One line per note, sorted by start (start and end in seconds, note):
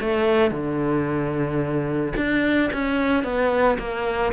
0.00 0.51 A3
0.51 2.13 D3
2.16 2.70 D4
2.73 3.24 C#4
3.24 3.78 B3
3.78 4.32 A#3